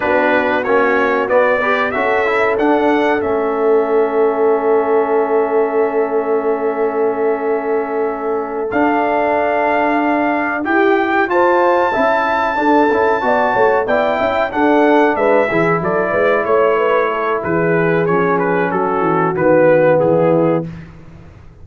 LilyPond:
<<
  \new Staff \with { instrumentName = "trumpet" } { \time 4/4 \tempo 4 = 93 b'4 cis''4 d''4 e''4 | fis''4 e''2.~ | e''1~ | e''4. f''2~ f''8~ |
f''8 g''4 a''2~ a''8~ | a''4. g''4 fis''4 e''8~ | e''8 d''4 cis''4. b'4 | cis''8 b'8 a'4 b'4 gis'4 | }
  \new Staff \with { instrumentName = "horn" } { \time 4/4 fis'2~ fis'8 b'8 a'4~ | a'1~ | a'1~ | a'1~ |
a'8 g'4 c''4 e''4 a'8~ | a'8 d''8 cis''8 d''8 e''8 a'4 b'8 | gis'8 a'8 b'8 cis''8 b'8 a'8 gis'4~ | gis'4 fis'2 e'4 | }
  \new Staff \with { instrumentName = "trombone" } { \time 4/4 d'4 cis'4 b8 g'8 fis'8 e'8 | d'4 cis'2.~ | cis'1~ | cis'4. d'2~ d'8~ |
d'8 g'4 f'4 e'4 d'8 | e'8 fis'4 e'4 d'4. | e'1 | cis'2 b2 | }
  \new Staff \with { instrumentName = "tuba" } { \time 4/4 b4 ais4 b4 cis'4 | d'4 a2.~ | a1~ | a4. d'2~ d'8~ |
d'8 e'4 f'4 cis'4 d'8 | cis'8 b8 a8 b8 cis'8 d'4 gis8 | e8 fis8 gis8 a4. e4 | f4 fis8 e8 dis4 e4 | }
>>